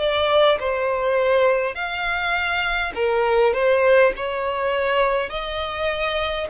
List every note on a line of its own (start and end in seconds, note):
0.00 0.59 D5
0.60 1.75 C5
1.75 2.93 F5
2.96 3.54 A#4
3.54 4.13 C5
4.17 5.30 C#5
5.30 6.48 D#5